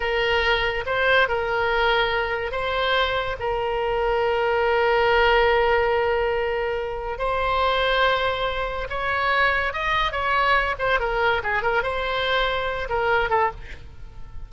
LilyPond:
\new Staff \with { instrumentName = "oboe" } { \time 4/4 \tempo 4 = 142 ais'2 c''4 ais'4~ | ais'2 c''2 | ais'1~ | ais'1~ |
ais'4 c''2.~ | c''4 cis''2 dis''4 | cis''4. c''8 ais'4 gis'8 ais'8 | c''2~ c''8 ais'4 a'8 | }